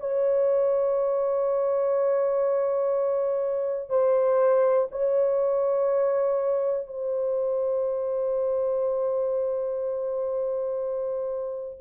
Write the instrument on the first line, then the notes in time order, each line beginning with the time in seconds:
horn
0.00 C#5
3.90 C5
4.92 C#5
6.87 C5